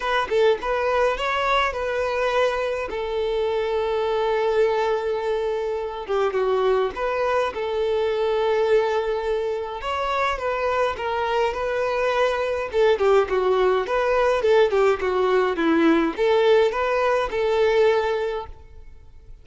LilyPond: \new Staff \with { instrumentName = "violin" } { \time 4/4 \tempo 4 = 104 b'8 a'8 b'4 cis''4 b'4~ | b'4 a'2.~ | a'2~ a'8 g'8 fis'4 | b'4 a'2.~ |
a'4 cis''4 b'4 ais'4 | b'2 a'8 g'8 fis'4 | b'4 a'8 g'8 fis'4 e'4 | a'4 b'4 a'2 | }